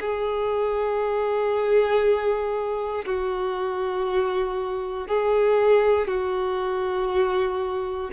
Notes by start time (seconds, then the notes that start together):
0.00 G#4
3.06 F#4
5.08 G#4
6.07 F#4